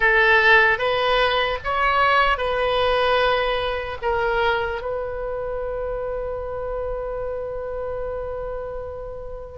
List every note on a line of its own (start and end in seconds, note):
0.00 0.78 A4
0.78 1.58 B4
1.64 2.37 C#5
2.37 3.97 B4
4.01 4.81 A#4
4.81 9.58 B4